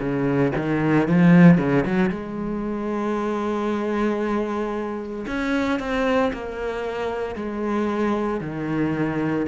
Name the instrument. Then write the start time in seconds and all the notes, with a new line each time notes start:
cello
0.00 C#3
0.56 D#3
1.08 F3
1.58 C#3
1.86 F#3
2.10 G#3
5.27 C#4
5.79 C4
6.33 A#3
7.35 G#3
8.41 D#3